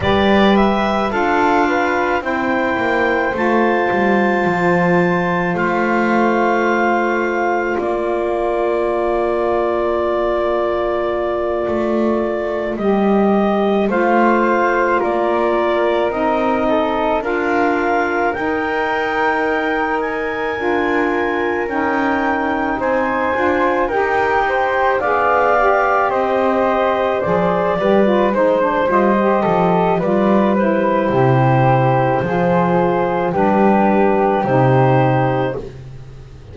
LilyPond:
<<
  \new Staff \with { instrumentName = "clarinet" } { \time 4/4 \tempo 4 = 54 d''8 e''8 f''4 g''4 a''4~ | a''4 f''2 d''4~ | d''2.~ d''8 dis''8~ | dis''8 f''4 d''4 dis''4 f''8~ |
f''8 g''4. gis''4. g''8~ | g''8 gis''4 g''4 f''4 dis''8~ | dis''8 d''4 c''8 dis''4 d''8 c''8~ | c''2 b'4 c''4 | }
  \new Staff \with { instrumentName = "flute" } { \time 4/4 b'4 a'8 b'8 c''2~ | c''2. ais'4~ | ais'1~ | ais'8 c''4 ais'4. a'8 ais'8~ |
ais'1~ | ais'8 c''4 ais'8 c''8 d''4 c''8~ | c''4 b'8 c''4 a'8 b'4 | g'4 gis'4 g'2 | }
  \new Staff \with { instrumentName = "saxophone" } { \time 4/4 g'4 f'4 e'4 f'4~ | f'1~ | f'2.~ f'8 g'8~ | g'8 f'2 dis'4 f'8~ |
f'8 dis'2 f'4 dis'8~ | dis'4 f'8 g'4 gis'8 g'4~ | g'8 gis'8 g'16 f'16 dis'16 d'16 f'16 g'8. f'8 e'8~ | e'4 f'4 d'4 dis'4 | }
  \new Staff \with { instrumentName = "double bass" } { \time 4/4 g4 d'4 c'8 ais8 a8 g8 | f4 a2 ais4~ | ais2~ ais8 a4 g8~ | g8 a4 ais4 c'4 d'8~ |
d'8 dis'2 d'4 cis'8~ | cis'8 c'8 d'8 dis'4 b4 c'8~ | c'8 f8 g8 gis8 g8 f8 g4 | c4 f4 g4 c4 | }
>>